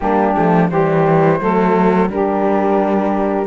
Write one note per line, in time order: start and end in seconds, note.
0.00 0.36 G3
0.00 0.34 A#3
0.00 0.70 D4
0.00 0.67 G4
0.34 0.70 F3
0.34 0.69 A3
0.69 1.40 E3
0.69 1.41 G3
0.69 1.40 G4
0.69 2.09 C5
1.40 2.09 F#3
1.40 2.08 A3
1.40 2.10 A4
2.08 3.46 G3
2.08 3.46 D4
2.08 3.46 G4
2.08 3.46 A#4